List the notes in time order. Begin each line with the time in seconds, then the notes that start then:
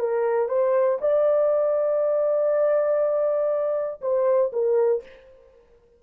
0.00 A#4
0.49 C5
1.02 D5
4.02 C5
4.53 A#4